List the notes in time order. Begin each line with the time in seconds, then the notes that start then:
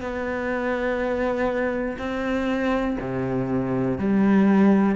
0.00 B3
1.99 C4
3.00 C3
3.98 G3